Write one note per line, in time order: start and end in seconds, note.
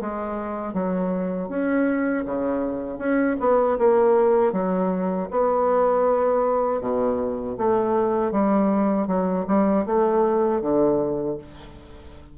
0.00 0.73 G#3
0.73 1.49 F#3
1.49 2.25 C#4
2.25 2.98 C#3
2.98 3.36 C#4
3.40 3.78 B3
3.78 4.52 A#3
4.52 5.28 F#3
5.30 6.80 B3
6.80 7.56 B2
7.57 8.31 A3
8.31 9.07 G3
9.07 9.45 F#3
9.47 9.85 G3
9.86 10.62 A3
10.62 11.38 D3